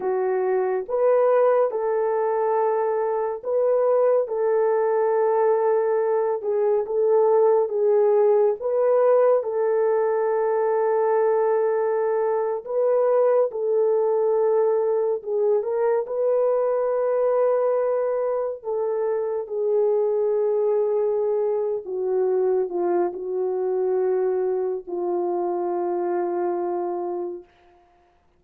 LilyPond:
\new Staff \with { instrumentName = "horn" } { \time 4/4 \tempo 4 = 70 fis'4 b'4 a'2 | b'4 a'2~ a'8 gis'8 | a'4 gis'4 b'4 a'4~ | a'2~ a'8. b'4 a'16~ |
a'4.~ a'16 gis'8 ais'8 b'4~ b'16~ | b'4.~ b'16 a'4 gis'4~ gis'16~ | gis'4. fis'4 f'8 fis'4~ | fis'4 f'2. | }